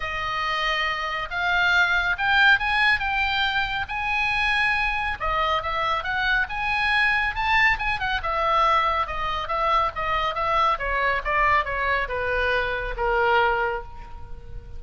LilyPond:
\new Staff \with { instrumentName = "oboe" } { \time 4/4 \tempo 4 = 139 dis''2. f''4~ | f''4 g''4 gis''4 g''4~ | g''4 gis''2. | dis''4 e''4 fis''4 gis''4~ |
gis''4 a''4 gis''8 fis''8 e''4~ | e''4 dis''4 e''4 dis''4 | e''4 cis''4 d''4 cis''4 | b'2 ais'2 | }